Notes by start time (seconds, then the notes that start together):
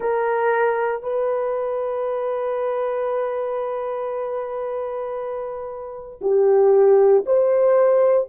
0.00 A#4
1.02 B4
6.21 G4
7.26 C5